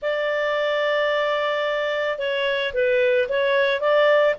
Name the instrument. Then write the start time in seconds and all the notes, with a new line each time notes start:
clarinet
0.01 D5
2.18 C#5
2.73 B4
3.29 C#5
3.80 D5